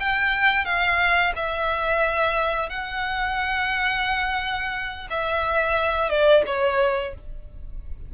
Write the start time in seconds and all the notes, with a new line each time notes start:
0.00 G5
0.65 F5
1.36 E5
2.70 F#5
5.10 E5
6.10 D5
6.46 C#5